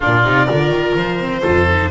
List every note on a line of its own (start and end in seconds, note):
0.00 0.24 A#2
0.00 0.24 D4
0.00 0.46 F4
0.00 0.97 D5
0.24 0.47 C3
0.24 0.47 D#4
0.46 0.69 D3
0.46 1.18 F4
0.46 1.41 A#4
0.69 0.93 D#3
0.95 1.43 F3
0.95 1.90 C5
1.19 1.42 C4
1.42 1.90 F2
1.42 1.66 F4
1.42 1.89 A4
1.67 1.90 D#4